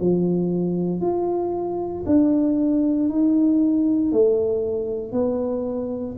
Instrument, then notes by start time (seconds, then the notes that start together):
tuba
0.00 F3
1.01 F4
2.06 D4
3.09 D#4
4.12 A3
5.12 B3